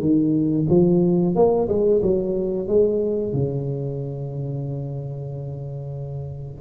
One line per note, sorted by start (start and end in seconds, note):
0.00 0.66 D#3
0.69 1.35 F3
1.35 1.68 A#3
1.68 2.01 G#3
2.02 2.68 F#3
2.68 3.33 G#3
3.33 6.61 C#3